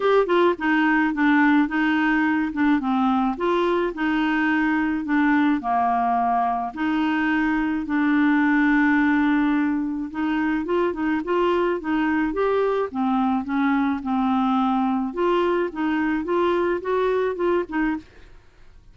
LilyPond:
\new Staff \with { instrumentName = "clarinet" } { \time 4/4 \tempo 4 = 107 g'8 f'8 dis'4 d'4 dis'4~ | dis'8 d'8 c'4 f'4 dis'4~ | dis'4 d'4 ais2 | dis'2 d'2~ |
d'2 dis'4 f'8 dis'8 | f'4 dis'4 g'4 c'4 | cis'4 c'2 f'4 | dis'4 f'4 fis'4 f'8 dis'8 | }